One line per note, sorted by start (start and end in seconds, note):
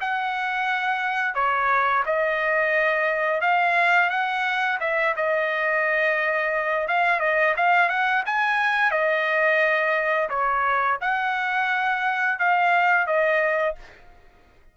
0.00 1.34 F#5
1.34 2.03 C#5
2.05 3.41 D#5
3.41 4.09 F5
4.09 4.78 F#5
4.80 5.14 E5
5.16 6.87 D#5
6.87 7.19 F5
7.19 7.54 D#5
7.56 7.89 F5
7.89 8.23 F#5
8.25 8.91 G#5
8.91 10.29 D#5
10.29 10.98 C#5
11.01 12.39 F#5
12.39 13.06 F5
13.06 13.75 D#5